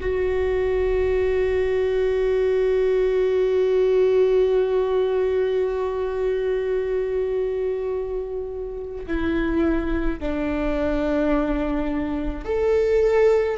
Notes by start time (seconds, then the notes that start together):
0.00 F#4
9.07 E4
10.19 D4
12.44 A4